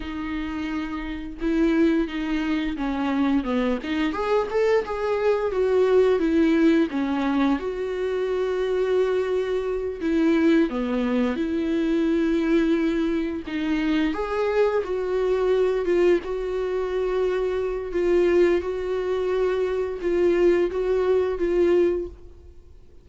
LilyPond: \new Staff \with { instrumentName = "viola" } { \time 4/4 \tempo 4 = 87 dis'2 e'4 dis'4 | cis'4 b8 dis'8 gis'8 a'8 gis'4 | fis'4 e'4 cis'4 fis'4~ | fis'2~ fis'8 e'4 b8~ |
b8 e'2. dis'8~ | dis'8 gis'4 fis'4. f'8 fis'8~ | fis'2 f'4 fis'4~ | fis'4 f'4 fis'4 f'4 | }